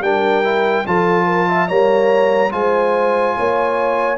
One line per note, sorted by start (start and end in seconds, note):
0.00 0.83 G3
0.00 0.44 D4
0.00 0.86 A#4
0.00 0.86 G5
0.44 0.85 E4
0.86 1.70 F3
0.86 1.69 F4
0.86 1.26 A4
0.86 1.68 A5
1.26 1.47 A#4
1.48 1.69 E5
1.68 2.53 G3
1.68 2.50 A#3
1.68 2.52 C#5
1.68 2.51 A#5
2.50 3.36 G#3
2.50 4.17 F4
2.50 3.36 C5
2.50 4.18 G#5
3.36 4.18 A#3
3.36 4.18 C#5